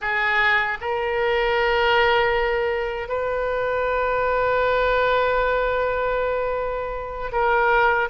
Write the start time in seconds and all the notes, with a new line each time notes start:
0.01 G#4
0.80 A#4
3.08 B4
7.31 A#4